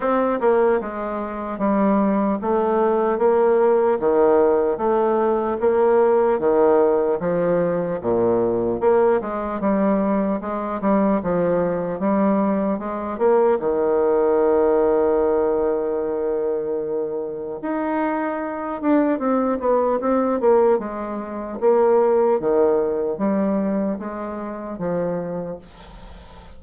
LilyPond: \new Staff \with { instrumentName = "bassoon" } { \time 4/4 \tempo 4 = 75 c'8 ais8 gis4 g4 a4 | ais4 dis4 a4 ais4 | dis4 f4 ais,4 ais8 gis8 | g4 gis8 g8 f4 g4 |
gis8 ais8 dis2.~ | dis2 dis'4. d'8 | c'8 b8 c'8 ais8 gis4 ais4 | dis4 g4 gis4 f4 | }